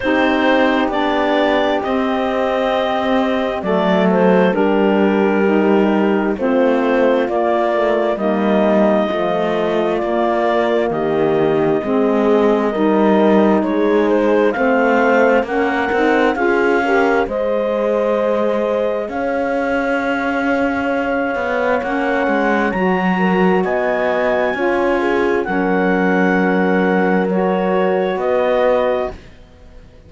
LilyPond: <<
  \new Staff \with { instrumentName = "clarinet" } { \time 4/4 \tempo 4 = 66 c''4 d''4 dis''2 | d''8 c''8 ais'2 c''4 | d''4 dis''2 d''4 | dis''2. cis''8 c''8 |
f''4 fis''4 f''4 dis''4~ | dis''4 f''2. | fis''4 ais''4 gis''2 | fis''2 cis''4 dis''4 | }
  \new Staff \with { instrumentName = "horn" } { \time 4/4 g'1 | a'4 g'2 f'4~ | f'4 dis'4 f'2 | g'4 gis'4 ais'4 gis'4 |
c''4 ais'4 gis'8 ais'8 c''4~ | c''4 cis''2.~ | cis''4. ais'8 dis''4 cis''8 gis'8 | ais'2. b'4 | }
  \new Staff \with { instrumentName = "saxophone" } { \time 4/4 dis'4 d'4 c'2 | a4 d'4 dis'4 c'4 | ais8 a8 ais4 f4 ais4~ | ais4 c'4 dis'2 |
c'4 cis'8 dis'8 f'8 g'8 gis'4~ | gis'1 | cis'4 fis'2 f'4 | cis'2 fis'2 | }
  \new Staff \with { instrumentName = "cello" } { \time 4/4 c'4 b4 c'2 | fis4 g2 a4 | ais4 g4 a4 ais4 | dis4 gis4 g4 gis4 |
a4 ais8 c'8 cis'4 gis4~ | gis4 cis'2~ cis'8 b8 | ais8 gis8 fis4 b4 cis'4 | fis2. b4 | }
>>